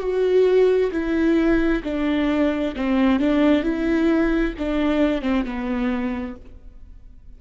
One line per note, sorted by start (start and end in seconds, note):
0.00 0.91 F#4
0.92 1.83 E4
1.84 2.75 D4
2.76 3.20 C4
3.20 3.63 D4
3.63 4.54 E4
4.59 5.22 D4
5.22 5.45 C4
5.45 6.36 B3